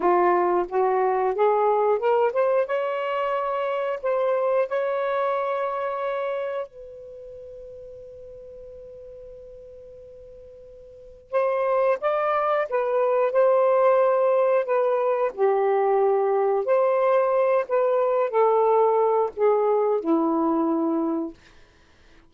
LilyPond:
\new Staff \with { instrumentName = "saxophone" } { \time 4/4 \tempo 4 = 90 f'4 fis'4 gis'4 ais'8 c''8 | cis''2 c''4 cis''4~ | cis''2 b'2~ | b'1~ |
b'4 c''4 d''4 b'4 | c''2 b'4 g'4~ | g'4 c''4. b'4 a'8~ | a'4 gis'4 e'2 | }